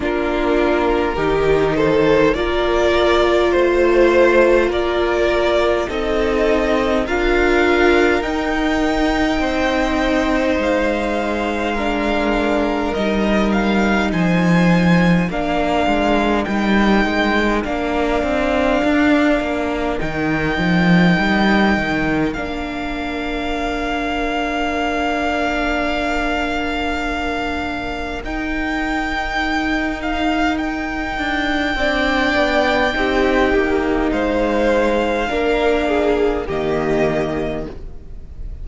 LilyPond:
<<
  \new Staff \with { instrumentName = "violin" } { \time 4/4 \tempo 4 = 51 ais'4. c''8 d''4 c''4 | d''4 dis''4 f''4 g''4~ | g''4 f''2 dis''8 f''8 | gis''4 f''4 g''4 f''4~ |
f''4 g''2 f''4~ | f''1 | g''4. f''8 g''2~ | g''4 f''2 dis''4 | }
  \new Staff \with { instrumentName = "violin" } { \time 4/4 f'4 g'8 a'8 ais'4 c''4 | ais'4 a'4 ais'2 | c''2 ais'2 | c''4 ais'2.~ |
ais'1~ | ais'1~ | ais'2. d''4 | g'4 c''4 ais'8 gis'8 g'4 | }
  \new Staff \with { instrumentName = "viola" } { \time 4/4 d'4 dis'4 f'2~ | f'4 dis'4 f'4 dis'4~ | dis'2 d'4 dis'4~ | dis'4 d'4 dis'4 d'4~ |
d'4 dis'2 d'4~ | d'1 | dis'2. d'4 | dis'2 d'4 ais4 | }
  \new Staff \with { instrumentName = "cello" } { \time 4/4 ais4 dis4 ais4 a4 | ais4 c'4 d'4 dis'4 | c'4 gis2 g4 | f4 ais8 gis8 g8 gis8 ais8 c'8 |
d'8 ais8 dis8 f8 g8 dis8 ais4~ | ais1 | dis'2~ dis'8 d'8 c'8 b8 | c'8 ais8 gis4 ais4 dis4 | }
>>